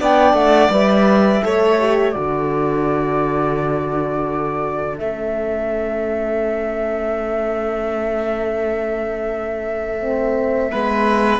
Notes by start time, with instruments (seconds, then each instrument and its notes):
0.00 cello B3, horn D4, violin D5, flute G5
0.34 cello A3, flute F#5
0.70 cello G3, horn B4, flute E5
1.43 cello A3, horn A4, violin C#5
1.80 horn G4
2.12 cello D3, horn F#4, violin A4, flute D5
4.98 cello A3, horn C#4, flute E5
10.00 horn C4
10.72 cello G#3, horn B3, violin B4